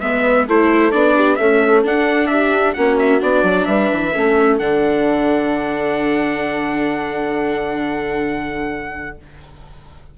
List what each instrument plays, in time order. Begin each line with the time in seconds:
0.00 bassoon G#3, viola B3, horn B4, trumpet E5
0.47 bassoon A3, viola E4, horn A4, trumpet C5
0.91 bassoon B3, viola D4, trumpet D5
1.15 horn G4
1.35 viola A3, bassoon C#4, horn A4, trumpet E5
1.84 viola D4, bassoon D4, trumpet F#5
2.26 horn G4, trumpet E5
2.73 bassoon A#3, viola C#4, horn F#4, trumpet F#5
2.98 trumpet E5
3.19 bassoon B3, viola D4, trumpet D5
3.43 bassoon F#3
3.65 bassoon G3, horn B4, trumpet E5
3.91 bassoon E3
4.12 bassoon A3, viola C#4, horn A4
4.58 bassoon D3, viola D4, trumpet F#5